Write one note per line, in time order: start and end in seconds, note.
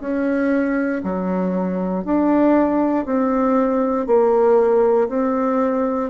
0.00 1.02 C#4
1.03 2.04 F#3
2.04 3.05 D4
3.05 4.06 C4
4.06 5.08 A#3
5.08 6.10 C4